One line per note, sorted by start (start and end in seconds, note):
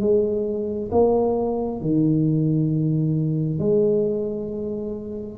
0.00 0.90 G#3
0.92 1.81 A#3
1.81 3.59 D#3
3.59 5.38 G#3